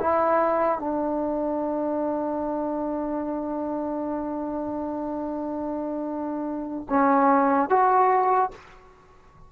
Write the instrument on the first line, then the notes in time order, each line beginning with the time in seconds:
trombone
0.00 E4
0.79 D4
6.89 C#4
7.70 F#4